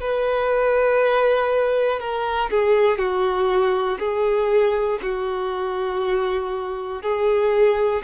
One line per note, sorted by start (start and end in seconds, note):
0.00 2.00 B4
2.00 2.50 A#4
2.50 2.98 G#4
2.98 3.98 F#4
3.99 4.99 G#4
5.02 7.02 F#4
7.02 8.02 G#4